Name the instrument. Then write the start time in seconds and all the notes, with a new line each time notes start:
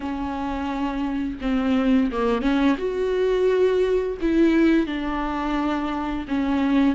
viola
0.00 C#4
1.41 C4
2.11 A#3
2.41 C#4
2.77 F#4
4.21 E4
4.86 D4
6.28 C#4